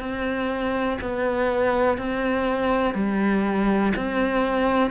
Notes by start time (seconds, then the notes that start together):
0.00 C4
1.01 B3
1.98 C4
2.95 G3
3.96 C4